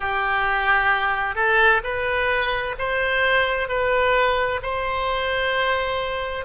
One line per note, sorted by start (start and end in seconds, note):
0.00 1.35 G4
1.35 1.81 A4
1.83 2.75 B4
2.78 3.68 C5
3.68 4.60 B4
4.62 6.45 C5